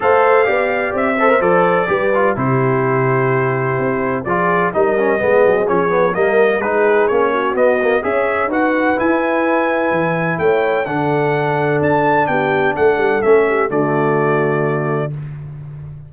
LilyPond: <<
  \new Staff \with { instrumentName = "trumpet" } { \time 4/4 \tempo 4 = 127 f''2 e''4 d''4~ | d''4 c''2.~ | c''4 d''4 dis''2 | cis''4 dis''4 b'4 cis''4 |
dis''4 e''4 fis''4 gis''4~ | gis''2 g''4 fis''4~ | fis''4 a''4 g''4 fis''4 | e''4 d''2. | }
  \new Staff \with { instrumentName = "horn" } { \time 4/4 c''4 d''4. c''4. | b'4 g'2.~ | g'4 gis'4 ais'4 gis'4~ | gis'4 ais'4 gis'4. fis'8~ |
fis'4 cis''4 b'2~ | b'2 cis''4 a'4~ | a'2 g'4 a'4~ | a'8 g'8 fis'2. | }
  \new Staff \with { instrumentName = "trombone" } { \time 4/4 a'4 g'4. a'16 ais'16 a'4 | g'8 f'8 e'2.~ | e'4 f'4 dis'8 cis'8 b4 | cis'8 b8 ais4 dis'4 cis'4 |
b8 ais8 gis'4 fis'4 e'4~ | e'2. d'4~ | d'1 | cis'4 a2. | }
  \new Staff \with { instrumentName = "tuba" } { \time 4/4 a4 b4 c'4 f4 | g4 c2. | c'4 f4 g4 gis8 fis8 | f4 g4 gis4 ais4 |
b4 cis'4 dis'4 e'4~ | e'4 e4 a4 d4~ | d4 d'4 b4 a8 g8 | a4 d2. | }
>>